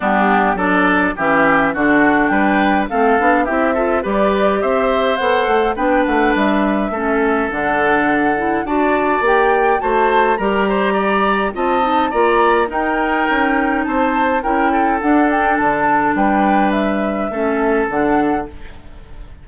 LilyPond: <<
  \new Staff \with { instrumentName = "flute" } { \time 4/4 \tempo 4 = 104 g'4 d''4 e''4 fis''4 | g''4 f''4 e''4 d''4 | e''4 fis''4 g''8 fis''8 e''4~ | e''4 fis''2 a''4 |
g''4 a''4 ais''2 | a''4 ais''4 g''2 | a''4 g''4 fis''8 g''8 a''4 | g''4 e''2 fis''4 | }
  \new Staff \with { instrumentName = "oboe" } { \time 4/4 d'4 a'4 g'4 fis'4 | b'4 a'4 g'8 a'8 b'4 | c''2 b'2 | a'2. d''4~ |
d''4 c''4 ais'8 c''8 d''4 | dis''4 d''4 ais'2 | c''4 ais'8 a'2~ a'8 | b'2 a'2 | }
  \new Staff \with { instrumentName = "clarinet" } { \time 4/4 b4 d'4 cis'4 d'4~ | d'4 c'8 d'8 e'8 f'8 g'4~ | g'4 a'4 d'2 | cis'4 d'4. e'8 fis'4 |
g'4 fis'4 g'2 | f'8 dis'8 f'4 dis'2~ | dis'4 e'4 d'2~ | d'2 cis'4 d'4 | }
  \new Staff \with { instrumentName = "bassoon" } { \time 4/4 g4 fis4 e4 d4 | g4 a8 b8 c'4 g4 | c'4 b8 a8 b8 a8 g4 | a4 d2 d'4 |
ais4 a4 g2 | c'4 ais4 dis'4 cis'4 | c'4 cis'4 d'4 d4 | g2 a4 d4 | }
>>